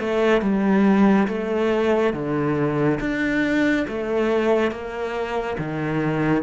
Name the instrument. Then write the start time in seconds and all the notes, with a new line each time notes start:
cello
0.00 A3
0.42 G3
1.28 A3
2.14 D3
3.01 D4
3.88 A3
4.72 A#3
5.58 D#3